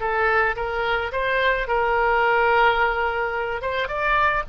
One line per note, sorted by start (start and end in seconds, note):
0.00 0.56 A4
0.56 1.12 A#4
1.12 1.67 C5
1.68 3.61 A#4
3.61 3.88 C5
3.88 4.43 D5